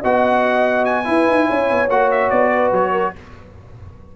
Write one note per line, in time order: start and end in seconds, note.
0.00 1.08 B3
0.00 1.04 F#4
0.00 1.04 D#5
0.00 0.85 F#5
0.85 1.89 G#5
1.04 1.88 E4
1.04 1.27 E4
1.04 1.46 B4
1.27 1.48 D#4
1.46 1.70 C#4
1.46 2.51 C#5
1.70 1.89 B3
1.89 2.31 A#3
1.89 3.15 F#4
1.89 2.11 F#5
2.11 2.30 E5
2.30 2.72 B3
2.30 2.72 D5
2.55 2.91 B4
2.72 3.14 F#3
2.72 3.16 C#5
2.91 3.12 A#4